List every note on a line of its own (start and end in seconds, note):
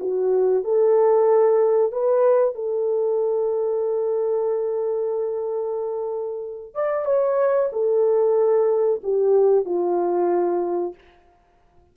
0.00 0.64 F#4
0.64 1.92 A4
1.92 2.55 B4
2.55 6.74 A4
6.74 7.05 D5
7.05 7.70 C#5
7.72 9.01 A4
9.03 9.65 G4
9.65 10.94 F4